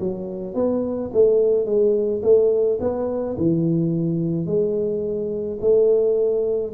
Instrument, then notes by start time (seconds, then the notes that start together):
tuba
0.00 F#3
0.55 B3
1.14 A3
1.66 G#3
2.23 A3
2.81 B3
3.38 E3
4.46 G#3
5.61 A3